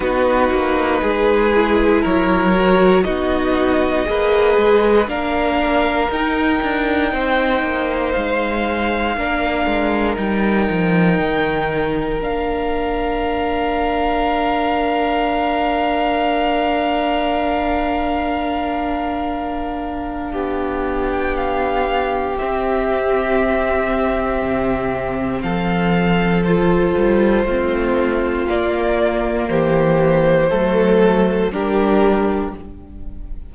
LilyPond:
<<
  \new Staff \with { instrumentName = "violin" } { \time 4/4 \tempo 4 = 59 b'2 cis''4 dis''4~ | dis''4 f''4 g''2 | f''2 g''2 | f''1~ |
f''1~ | f''8. g''16 f''4 e''2~ | e''4 f''4 c''2 | d''4 c''2 ais'4 | }
  \new Staff \with { instrumentName = "violin" } { \time 4/4 fis'4 gis'4 ais'4 fis'4 | b'4 ais'2 c''4~ | c''4 ais'2.~ | ais'1~ |
ais'1 | g'1~ | g'4 a'2 f'4~ | f'4 g'4 a'4 g'4 | }
  \new Staff \with { instrumentName = "viola" } { \time 4/4 dis'4. e'4 fis'8 dis'4 | gis'4 d'4 dis'2~ | dis'4 d'4 dis'2 | d'1~ |
d'1~ | d'2 c'2~ | c'2 f'4 c'4 | ais2 a4 d'4 | }
  \new Staff \with { instrumentName = "cello" } { \time 4/4 b8 ais8 gis4 fis4 b4 | ais8 gis8 ais4 dis'8 d'8 c'8 ais8 | gis4 ais8 gis8 g8 f8 dis4 | ais1~ |
ais1 | b2 c'2 | c4 f4. g8 a4 | ais4 e4 fis4 g4 | }
>>